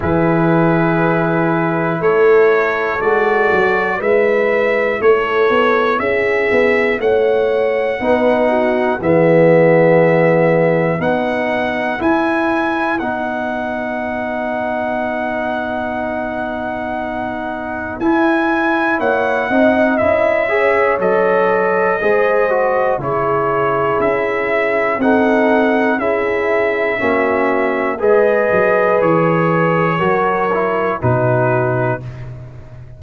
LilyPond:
<<
  \new Staff \with { instrumentName = "trumpet" } { \time 4/4 \tempo 4 = 60 b'2 cis''4 d''4 | e''4 cis''4 e''4 fis''4~ | fis''4 e''2 fis''4 | gis''4 fis''2.~ |
fis''2 gis''4 fis''4 | e''4 dis''2 cis''4 | e''4 fis''4 e''2 | dis''4 cis''2 b'4 | }
  \new Staff \with { instrumentName = "horn" } { \time 4/4 gis'2 a'2 | b'4 a'4 gis'4 cis''4 | b'8 fis'8 gis'2 b'4~ | b'1~ |
b'2. cis''8 dis''8~ | dis''8 cis''4. c''4 gis'4~ | gis'4 a'4 gis'4 fis'4 | b'2 ais'4 fis'4 | }
  \new Staff \with { instrumentName = "trombone" } { \time 4/4 e'2. fis'4 | e'1 | dis'4 b2 dis'4 | e'4 dis'2.~ |
dis'2 e'4. dis'8 | e'8 gis'8 a'4 gis'8 fis'8 e'4~ | e'4 dis'4 e'4 cis'4 | gis'2 fis'8 e'8 dis'4 | }
  \new Staff \with { instrumentName = "tuba" } { \time 4/4 e2 a4 gis8 fis8 | gis4 a8 b8 cis'8 b8 a4 | b4 e2 b4 | e'4 b2.~ |
b2 e'4 ais8 c'8 | cis'4 fis4 gis4 cis4 | cis'4 c'4 cis'4 ais4 | gis8 fis8 e4 fis4 b,4 | }
>>